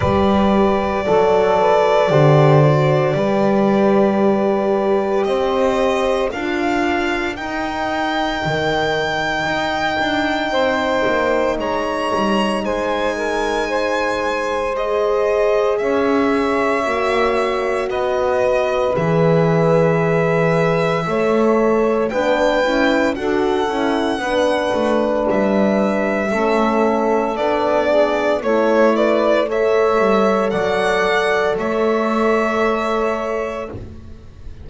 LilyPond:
<<
  \new Staff \with { instrumentName = "violin" } { \time 4/4 \tempo 4 = 57 d''1~ | d''4 dis''4 f''4 g''4~ | g''2. ais''4 | gis''2 dis''4 e''4~ |
e''4 dis''4 e''2~ | e''4 g''4 fis''2 | e''2 d''4 cis''8 d''8 | e''4 fis''4 e''2 | }
  \new Staff \with { instrumentName = "saxophone" } { \time 4/4 b'4 a'8 b'8 c''4 b'4~ | b'4 c''4 ais'2~ | ais'2 c''4 cis''4 | c''8 ais'8 c''2 cis''4~ |
cis''4 b'2. | cis''4 b'4 a'4 b'4~ | b'4 a'4. gis'8 a'8 b'8 | cis''4 d''4 cis''2 | }
  \new Staff \with { instrumentName = "horn" } { \time 4/4 g'4 a'4 g'8 fis'8 g'4~ | g'2 f'4 dis'4~ | dis'1~ | dis'2 gis'2 |
fis'2 gis'2 | a'4 d'8 e'8 fis'8 e'8 d'4~ | d'4 cis'4 d'4 e'4 | a'1 | }
  \new Staff \with { instrumentName = "double bass" } { \time 4/4 g4 fis4 d4 g4~ | g4 c'4 d'4 dis'4 | dis4 dis'8 d'8 c'8 ais8 gis8 g8 | gis2. cis'4 |
ais4 b4 e2 | a4 b8 cis'8 d'8 cis'8 b8 a8 | g4 a4 b4 a4~ | a8 g8 fis4 a2 | }
>>